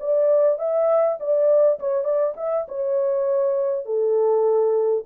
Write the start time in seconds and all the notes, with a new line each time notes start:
0.00 D5
0.59 E5
1.20 D5
1.80 C#5
2.05 D5
2.37 E5
2.69 C#5
3.86 A4